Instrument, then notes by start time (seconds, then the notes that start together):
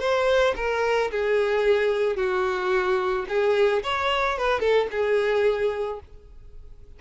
violin
0.00 C5
0.56 A#4
1.11 G#4
2.17 F#4
3.29 G#4
3.84 C#5
4.38 B4
4.60 A4
4.91 G#4